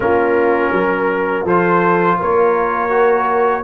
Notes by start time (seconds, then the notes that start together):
0.00 A#3 C#4 F4 A#4
0.71 F#3 A#4
1.43 F3 F4 A4 C5
2.19 A#3 A#4 C#5
2.89 F#4